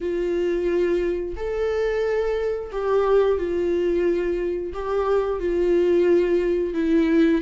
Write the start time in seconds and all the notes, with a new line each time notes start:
0.00 F4
1.36 A4
2.72 G4
3.38 F4
4.73 G4
5.39 F4
6.74 E4